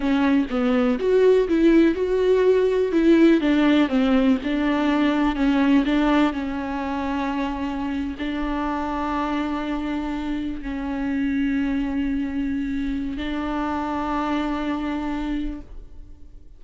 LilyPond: \new Staff \with { instrumentName = "viola" } { \time 4/4 \tempo 4 = 123 cis'4 b4 fis'4 e'4 | fis'2 e'4 d'4 | c'4 d'2 cis'4 | d'4 cis'2.~ |
cis'8. d'2.~ d'16~ | d'4.~ d'16 cis'2~ cis'16~ | cis'2. d'4~ | d'1 | }